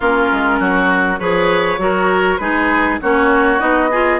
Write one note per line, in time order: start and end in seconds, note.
0.00 0.30 A#3
0.00 1.19 C#4
0.00 0.59 F4
0.00 1.18 A#4
0.32 0.59 G#3
0.59 1.19 F#3
0.59 1.19 F#4
1.18 1.78 F3
1.18 1.78 G#4
1.18 1.79 B4
1.18 2.37 C#5
1.78 2.38 F#3
1.78 2.38 F#4
1.78 2.40 A#4
2.37 2.99 G#3
2.37 3.00 D#4
2.37 3.00 G#4
2.37 2.97 B4
3.01 3.60 A#3
3.01 3.58 C#4
3.01 3.90 F#4
3.01 3.60 C#5
3.58 4.20 B3
3.58 3.88 D#4
3.58 4.20 D#5
3.90 4.20 F4
3.90 4.20 G#4